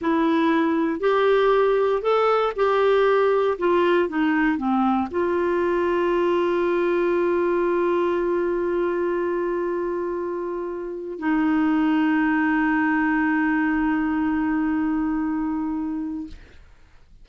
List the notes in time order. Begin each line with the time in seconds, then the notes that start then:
0.01 E4
1.00 G4
2.02 A4
2.55 G4
3.58 F4
4.08 D#4
4.57 C4
5.11 F4
11.18 D#4